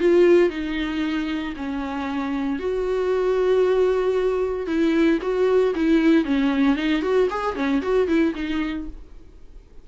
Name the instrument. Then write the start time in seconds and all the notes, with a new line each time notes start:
viola
0.00 F4
0.50 D#4
1.57 C#4
2.59 F#4
4.67 E4
5.22 F#4
5.76 E4
6.25 C#4
6.77 D#4
7.03 F#4
7.31 G#4
7.56 C#4
7.82 F#4
8.08 E4
8.35 D#4